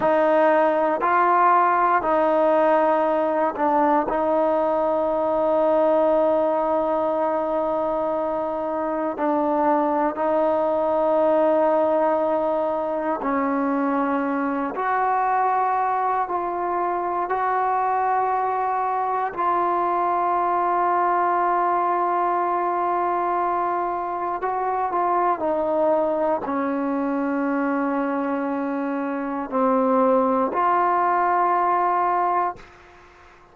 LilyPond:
\new Staff \with { instrumentName = "trombone" } { \time 4/4 \tempo 4 = 59 dis'4 f'4 dis'4. d'8 | dis'1~ | dis'4 d'4 dis'2~ | dis'4 cis'4. fis'4. |
f'4 fis'2 f'4~ | f'1 | fis'8 f'8 dis'4 cis'2~ | cis'4 c'4 f'2 | }